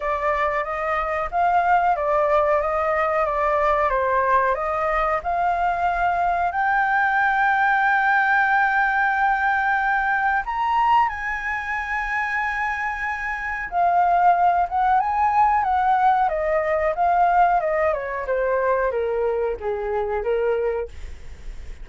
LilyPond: \new Staff \with { instrumentName = "flute" } { \time 4/4 \tempo 4 = 92 d''4 dis''4 f''4 d''4 | dis''4 d''4 c''4 dis''4 | f''2 g''2~ | g''1 |
ais''4 gis''2.~ | gis''4 f''4. fis''8 gis''4 | fis''4 dis''4 f''4 dis''8 cis''8 | c''4 ais'4 gis'4 ais'4 | }